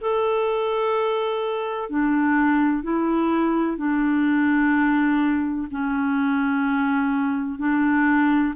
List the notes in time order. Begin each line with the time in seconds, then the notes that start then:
0.00 A4
1.89 D4
2.83 E4
3.77 D4
5.71 C#4
7.58 D4